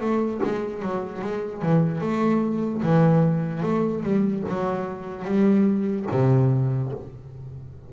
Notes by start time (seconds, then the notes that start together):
0.00 A3
0.43 G#3
0.82 F#3
1.22 G#3
1.62 E3
2.00 A3
2.82 E3
3.62 A3
4.03 G3
4.48 F#3
5.25 G3
6.11 C3